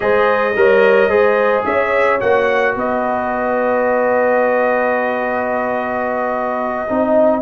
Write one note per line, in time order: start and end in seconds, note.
0.00 0.55 G#3
0.00 0.53 G#4
0.00 0.56 C5
0.00 1.64 D#5
0.55 1.08 G3
0.55 1.09 A#4
0.55 1.09 C#5
1.08 1.63 G#3
1.08 2.19 G#4
1.08 1.64 C5
1.65 2.21 C#4
1.65 2.75 C#5
1.65 2.20 E5
2.20 2.75 A#3
2.20 6.87 F#4
2.20 2.75 F#5
2.75 6.88 B3
2.75 6.89 B4
2.75 7.41 D#5
6.89 7.41 C4
6.89 7.41 D#4
6.89 7.41 D#5